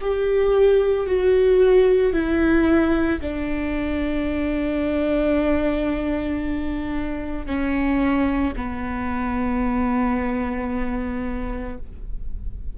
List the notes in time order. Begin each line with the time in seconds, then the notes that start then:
0.00 G4
1.06 F#4
2.13 E4
3.20 D4
7.46 C#4
8.56 B3